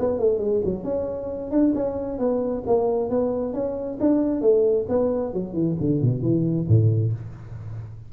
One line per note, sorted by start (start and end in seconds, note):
0.00 0.20 B3
0.20 0.39 A3
0.39 0.62 G#3
0.65 0.84 F#3
0.84 1.51 C#4
1.52 1.74 D4
1.75 2.19 C#4
2.19 2.64 B3
2.67 3.10 A#3
3.10 3.54 B3
3.54 3.99 C#4
4.01 4.42 D4
4.42 4.87 A3
4.89 5.34 B3
5.34 5.54 F#3
5.54 5.76 E3
5.81 6.02 D3
6.02 6.23 B2
6.23 6.67 E3
6.68 7.13 A2